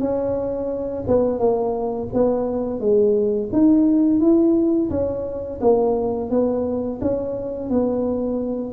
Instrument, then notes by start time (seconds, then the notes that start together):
tuba
0.00 C#4
1.08 B3
1.39 A#3
2.14 B3
2.80 G#3
3.53 D#4
4.20 E4
4.91 C#4
5.61 A#3
6.30 B3
7.02 C#4
7.70 B3